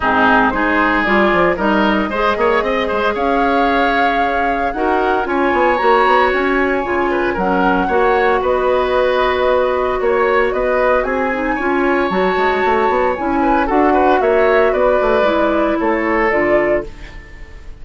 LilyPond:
<<
  \new Staff \with { instrumentName = "flute" } { \time 4/4 \tempo 4 = 114 gis'4 c''4 d''4 dis''4~ | dis''2 f''2~ | f''4 fis''4 gis''4 ais''4 | gis''2 fis''2 |
dis''2. cis''4 | dis''4 gis''2 a''4~ | a''4 gis''4 fis''4 e''4 | d''2 cis''4 d''4 | }
  \new Staff \with { instrumentName = "oboe" } { \time 4/4 dis'4 gis'2 ais'4 | c''8 cis''8 dis''8 c''8 cis''2~ | cis''4 ais'4 cis''2~ | cis''4. b'8 ais'4 cis''4 |
b'2. cis''4 | b'4 gis'4 cis''2~ | cis''4. b'8 a'8 b'8 cis''4 | b'2 a'2 | }
  \new Staff \with { instrumentName = "clarinet" } { \time 4/4 c'4 dis'4 f'4 dis'4 | gis'1~ | gis'4 fis'4 f'4 fis'4~ | fis'4 f'4 cis'4 fis'4~ |
fis'1~ | fis'4. dis'8 f'4 fis'4~ | fis'4 e'4 fis'2~ | fis'4 e'2 f'4 | }
  \new Staff \with { instrumentName = "bassoon" } { \time 4/4 gis,4 gis4 g8 f8 g4 | gis8 ais8 c'8 gis8 cis'2~ | cis'4 dis'4 cis'8 b8 ais8 b8 | cis'4 cis4 fis4 ais4 |
b2. ais4 | b4 c'4 cis'4 fis8 gis8 | a8 b8 cis'4 d'4 ais4 | b8 a8 gis4 a4 d4 | }
>>